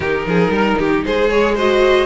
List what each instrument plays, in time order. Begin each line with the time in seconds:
0.00 cello D#3, viola D#4, violin G4 A#4
0.26 cello F3, violin G#4
0.48 cello G3, violin A#4
0.78 cello D#3, violin G4
1.05 cello G#3, violin G#4 C5
1.29 viola G#4, violin C#5
1.55 viola F#4, violin C5 D#5